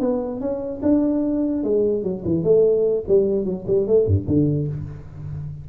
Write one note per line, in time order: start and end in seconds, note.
0.00 0.40 B3
0.40 0.81 C#4
0.83 1.64 D4
1.64 2.03 G#3
2.03 2.24 F#3
2.25 2.44 E3
2.44 3.05 A3
3.08 3.45 G3
3.45 3.65 F#3
3.68 3.88 G3
3.88 4.07 A3
4.07 4.27 G2
4.27 4.68 D3